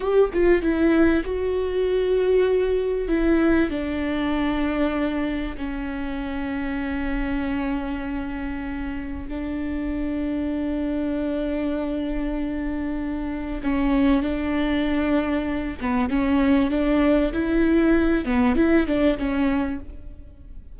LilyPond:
\new Staff \with { instrumentName = "viola" } { \time 4/4 \tempo 4 = 97 g'8 f'8 e'4 fis'2~ | fis'4 e'4 d'2~ | d'4 cis'2.~ | cis'2. d'4~ |
d'1~ | d'2 cis'4 d'4~ | d'4. b8 cis'4 d'4 | e'4. b8 e'8 d'8 cis'4 | }